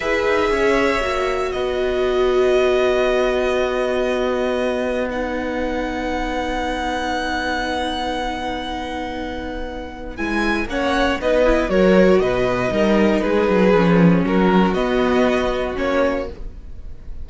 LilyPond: <<
  \new Staff \with { instrumentName = "violin" } { \time 4/4 \tempo 4 = 118 e''2. dis''4~ | dis''1~ | dis''2 fis''2~ | fis''1~ |
fis''1 | gis''4 fis''4 dis''4 cis''4 | dis''2 b'2 | ais'4 dis''2 cis''4 | }
  \new Staff \with { instrumentName = "violin" } { \time 4/4 b'4 cis''2 b'4~ | b'1~ | b'1~ | b'1~ |
b'1~ | b'4 cis''4 b'4 ais'4 | b'4 ais'4 gis'2 | fis'1 | }
  \new Staff \with { instrumentName = "viola" } { \time 4/4 gis'2 fis'2~ | fis'1~ | fis'2 dis'2~ | dis'1~ |
dis'1 | e'4 cis'4 dis'8 e'8 fis'4~ | fis'4 dis'2 cis'4~ | cis'4 b2 cis'4 | }
  \new Staff \with { instrumentName = "cello" } { \time 4/4 e'8 dis'8 cis'4 ais4 b4~ | b1~ | b1~ | b1~ |
b1 | gis4 ais4 b4 fis4 | b,4 g4 gis8 fis8 f4 | fis4 b2 ais4 | }
>>